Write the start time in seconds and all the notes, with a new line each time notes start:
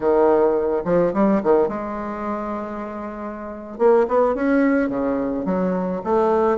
0.00 D#3
0.85 F3
1.13 G3
1.43 D#3
1.68 G#3
3.78 A#3
4.08 B3
4.35 C#4
4.89 C#3
5.45 F#3
6.04 A3